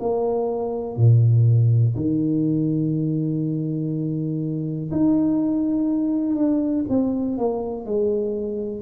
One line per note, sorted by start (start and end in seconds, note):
0.00 0.97 A#3
0.97 1.95 A#2
1.96 4.91 D#3
4.92 6.36 D#4
6.36 6.85 D4
6.89 7.38 C4
7.38 7.86 A#3
7.86 8.83 G#3